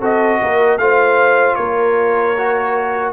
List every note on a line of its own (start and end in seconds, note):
0.00 0.40 C4
0.00 0.79 F#4
0.00 0.39 A4
0.00 0.78 D#5
0.41 0.78 A#3
0.41 0.81 A#4
0.78 1.56 A3
0.78 2.36 F4
0.78 1.57 C5
0.78 1.56 F5
1.56 3.13 A#3
1.56 3.13 A#4
1.56 3.11 C#5
2.38 3.13 F#4